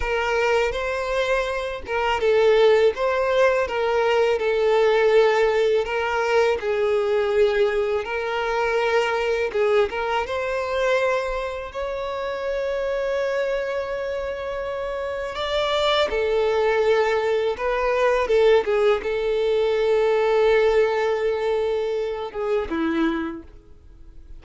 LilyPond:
\new Staff \with { instrumentName = "violin" } { \time 4/4 \tempo 4 = 82 ais'4 c''4. ais'8 a'4 | c''4 ais'4 a'2 | ais'4 gis'2 ais'4~ | ais'4 gis'8 ais'8 c''2 |
cis''1~ | cis''4 d''4 a'2 | b'4 a'8 gis'8 a'2~ | a'2~ a'8 gis'8 e'4 | }